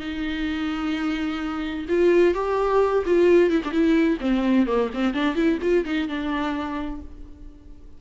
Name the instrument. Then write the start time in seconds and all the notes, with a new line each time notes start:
viola
0.00 D#4
1.89 F4
2.34 G4
3.06 F4
3.51 E4
3.65 D4
3.71 E4
4.21 C4
4.67 A#3
4.94 C4
5.14 D4
5.36 E4
5.62 F4
5.85 D#4
6.08 D4